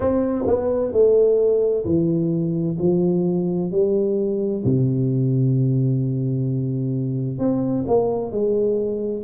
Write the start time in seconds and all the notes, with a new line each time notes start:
0.00 C4
0.47 B3
0.92 A3
1.85 E3
2.79 F3
3.71 G3
4.64 C3
7.38 C4
7.87 A#3
8.31 G#3